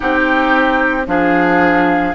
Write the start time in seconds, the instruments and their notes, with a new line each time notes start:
0.00 bassoon C4, clarinet D#4, oboe G4, flute G5
1.06 bassoon F3, clarinet D4, oboe G#4, flute F5